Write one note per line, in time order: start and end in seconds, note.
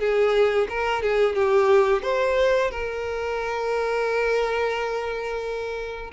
0.00 0.68 G#4
0.69 1.03 A#4
1.03 1.35 G#4
1.35 2.03 G4
2.03 2.71 C5
2.71 6.12 A#4